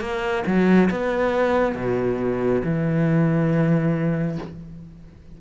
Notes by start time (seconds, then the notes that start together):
0.00 A#3
0.46 F#3
0.90 B3
1.75 B2
2.64 E3